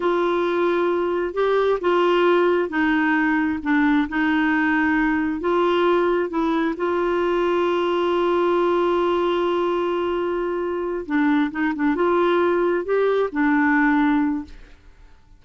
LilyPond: \new Staff \with { instrumentName = "clarinet" } { \time 4/4 \tempo 4 = 133 f'2. g'4 | f'2 dis'2 | d'4 dis'2. | f'2 e'4 f'4~ |
f'1~ | f'1~ | f'8 d'4 dis'8 d'8 f'4.~ | f'8 g'4 d'2~ d'8 | }